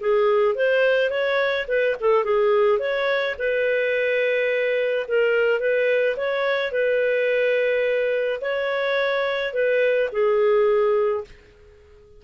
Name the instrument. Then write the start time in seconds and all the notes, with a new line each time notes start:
clarinet
0.00 G#4
0.55 C5
1.10 C#5
1.68 B4
2.00 A4
2.24 G#4
2.79 C#5
3.38 B4
5.07 A#4
5.60 B4
6.17 C#5
6.72 B4
8.41 C#5
9.53 B4
10.12 G#4